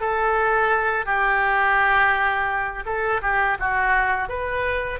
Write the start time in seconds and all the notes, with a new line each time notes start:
0.00 A4
1.05 G4
2.85 A4
3.21 G4
3.59 F#4
4.28 B4